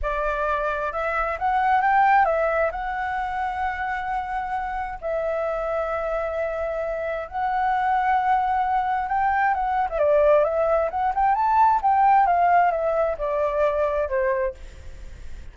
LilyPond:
\new Staff \with { instrumentName = "flute" } { \time 4/4 \tempo 4 = 132 d''2 e''4 fis''4 | g''4 e''4 fis''2~ | fis''2. e''4~ | e''1 |
fis''1 | g''4 fis''8. e''16 d''4 e''4 | fis''8 g''8 a''4 g''4 f''4 | e''4 d''2 c''4 | }